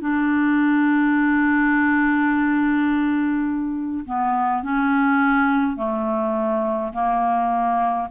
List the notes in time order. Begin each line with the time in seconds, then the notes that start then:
0.00 D4
4.05 B3
4.63 C#4
5.76 A3
6.92 A#3